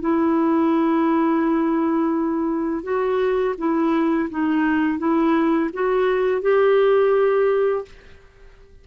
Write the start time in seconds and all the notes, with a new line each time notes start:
0.00 E4
2.83 F#4
3.57 E4
4.30 D#4
4.98 E4
5.73 F#4
6.41 G4